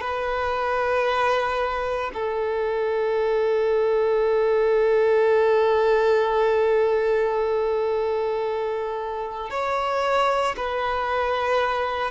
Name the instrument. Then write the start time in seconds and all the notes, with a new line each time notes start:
violin
0.00 B4
2.13 A4
9.50 C#5
10.56 B4